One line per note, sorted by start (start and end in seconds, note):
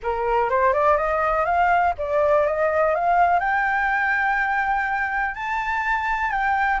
0.02 0.49 A#4
0.49 0.73 C5
0.73 0.97 D5
0.97 1.45 D#5
1.45 1.93 F5
1.98 2.46 D5
2.46 2.94 D#5
2.94 3.39 F5
3.39 5.34 G5
5.34 6.31 A5
6.31 6.80 G5